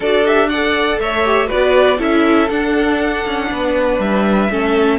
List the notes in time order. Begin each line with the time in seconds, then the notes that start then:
0.00 D4 F#4 A4 D5
0.24 G4 E5
0.49 A4 D5 F#5
0.99 A3 C#5 E5
1.25 G4
1.46 F#4 B4 D5
1.53 B3
1.98 C#4 E4 A4 E5
2.49 D4 F#5
3.26 C#4
3.51 B3 B4
3.99 G3 E5
4.49 A3 C#4 A4